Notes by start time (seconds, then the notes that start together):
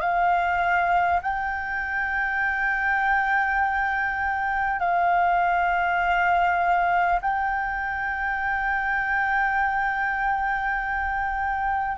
0.00 F5
1.22 G5
4.79 F5
7.21 G5